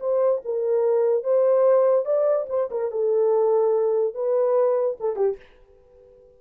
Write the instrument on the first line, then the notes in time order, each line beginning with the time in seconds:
horn
0.00 C5
0.45 A#4
1.24 C5
2.05 D5
2.49 C5
2.71 A#4
2.91 A4
4.14 B4
5.00 A4
5.16 G4